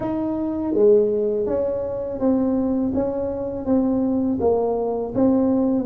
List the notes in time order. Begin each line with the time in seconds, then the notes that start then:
0.00 D#4
0.73 G#3
1.46 C#4
2.19 C4
2.94 C#4
3.65 C4
4.40 A#3
5.14 C4